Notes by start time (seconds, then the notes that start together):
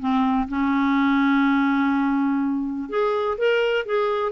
0.00 C4
0.49 C#4
2.90 G#4
3.38 A#4
3.86 G#4